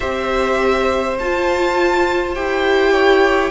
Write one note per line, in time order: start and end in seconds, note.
0.00 1.19 C4
0.00 1.16 G4
0.00 2.92 C5
0.00 1.17 E5
1.18 2.36 F4
1.18 2.35 F4
1.18 2.34 A5
2.34 3.51 E4
2.34 3.51 G4
2.34 3.51 G5
2.92 3.50 C#5